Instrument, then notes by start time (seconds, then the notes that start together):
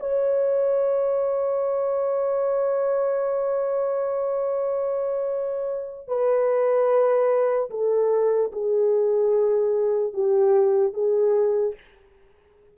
horn
0.00 C#5
6.08 B4
7.70 A4
8.52 G#4
10.14 G4
10.93 G#4